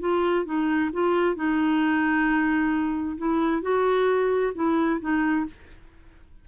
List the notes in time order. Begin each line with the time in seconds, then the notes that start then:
0.00 F4
0.45 D#4
0.93 F4
1.36 D#4
3.18 E4
3.62 F#4
4.55 E4
5.00 D#4